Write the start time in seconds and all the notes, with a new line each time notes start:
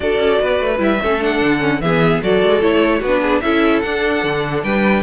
0.00 D4 F#4 A4 D5
0.18 C#4
0.40 B3 B4
0.60 A3
0.77 G3 E4 E5
1.01 A3 C#4 A4
1.20 D4 F#5
1.41 D3
1.59 C#4
1.80 E3 B3 G#4 E5
2.22 F#3 F#4 A4 D5
2.42 G#3
2.60 A3 E4 C#5
2.99 B3 F#4 B4
3.06 D4
3.21 G#4
3.40 C#4 E4 A4 E5
3.81 D4 F#5
4.23 D3
4.63 G3 B4 G5